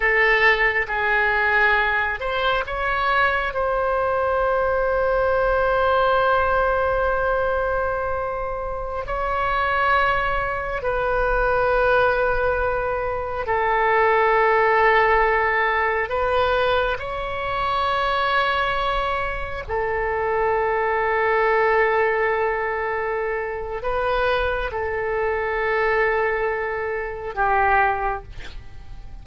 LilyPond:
\new Staff \with { instrumentName = "oboe" } { \time 4/4 \tempo 4 = 68 a'4 gis'4. c''8 cis''4 | c''1~ | c''2~ c''16 cis''4.~ cis''16~ | cis''16 b'2. a'8.~ |
a'2~ a'16 b'4 cis''8.~ | cis''2~ cis''16 a'4.~ a'16~ | a'2. b'4 | a'2. g'4 | }